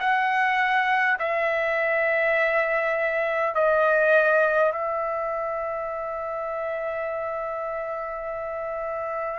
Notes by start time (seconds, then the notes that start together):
0.00 F#5
1.19 E5
3.55 D#5
4.72 E5